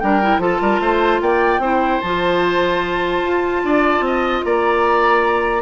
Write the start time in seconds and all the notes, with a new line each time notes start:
0.00 G3 D4 A#4 G5
0.22 E4
0.38 F3 F4 A4 A5
0.61 G3 A#4
0.80 A3 C5
1.21 A#3 D5 G5
1.59 C4 E4 C5
2.01 F3 F4 A5
3.23 F4
3.64 D4 D5
4.00 C4
4.06 D#5
4.44 A#3 D5 A#5